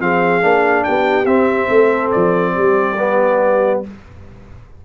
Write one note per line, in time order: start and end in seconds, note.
0.00 0.42 F3
0.00 0.41 C4
0.00 0.85 G#4
0.00 0.84 F5
0.41 0.85 A#3
0.41 1.26 D4
0.84 1.25 B3
0.84 1.68 G4
0.84 1.26 G5
1.25 1.67 C4
1.25 2.96 C4
1.25 2.10 E5
1.68 2.11 A3
1.68 2.53 A4
2.11 2.58 F3
2.11 3.80 D5
2.54 3.85 G3
2.54 3.81 G4
2.99 3.83 B3